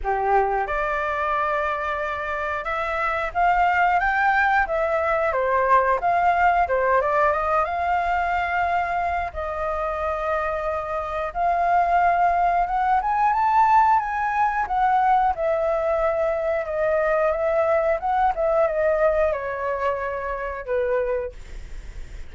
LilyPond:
\new Staff \with { instrumentName = "flute" } { \time 4/4 \tempo 4 = 90 g'4 d''2. | e''4 f''4 g''4 e''4 | c''4 f''4 c''8 d''8 dis''8 f''8~ | f''2 dis''2~ |
dis''4 f''2 fis''8 gis''8 | a''4 gis''4 fis''4 e''4~ | e''4 dis''4 e''4 fis''8 e''8 | dis''4 cis''2 b'4 | }